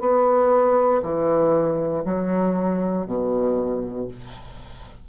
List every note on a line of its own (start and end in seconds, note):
0.00 1.02 B3
1.03 2.04 E3
2.05 3.06 F#3
3.06 4.08 B2